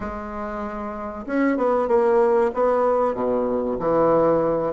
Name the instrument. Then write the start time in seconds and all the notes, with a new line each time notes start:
bassoon
0.00 G#3
1.26 C#4
1.57 B3
1.88 A#3
2.54 B3
3.14 B2
3.79 E3